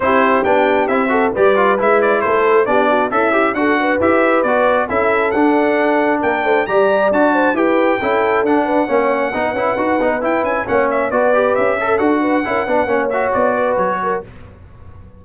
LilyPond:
<<
  \new Staff \with { instrumentName = "trumpet" } { \time 4/4 \tempo 4 = 135 c''4 g''4 e''4 d''4 | e''8 d''8 c''4 d''4 e''4 | fis''4 e''4 d''4 e''4 | fis''2 g''4 ais''4 |
a''4 g''2 fis''4~ | fis''2. g''8 gis''8 | fis''8 e''8 d''4 e''4 fis''4~ | fis''4. e''8 d''4 cis''4 | }
  \new Staff \with { instrumentName = "horn" } { \time 4/4 g'2~ g'8 a'8 b'4~ | b'4 a'4 g'8 fis'8 e'4 | a'8 b'2~ b'8 a'4~ | a'2 ais'8 c''8 d''4~ |
d''8 c''8 b'4 a'4. b'8 | cis''4 b'2. | cis''4 b'4. a'4 b'8 | ais'8 b'8 cis''4. b'4 ais'8 | }
  \new Staff \with { instrumentName = "trombone" } { \time 4/4 e'4 d'4 e'8 fis'8 g'8 f'8 | e'2 d'4 a'8 g'8 | fis'4 g'4 fis'4 e'4 | d'2. g'4 |
fis'4 g'4 e'4 d'4 | cis'4 dis'8 e'8 fis'8 dis'8 e'4 | cis'4 fis'8 g'4 a'8 fis'4 | e'8 d'8 cis'8 fis'2~ fis'8 | }
  \new Staff \with { instrumentName = "tuba" } { \time 4/4 c'4 b4 c'4 g4 | gis4 a4 b4 cis'4 | d'4 e'4 b4 cis'4 | d'2 ais8 a8 g4 |
d'4 e'4 cis'4 d'4 | ais4 b8 cis'8 dis'8 b8 e'8 cis'8 | ais4 b4 cis'4 d'4 | cis'8 b8 ais4 b4 fis4 | }
>>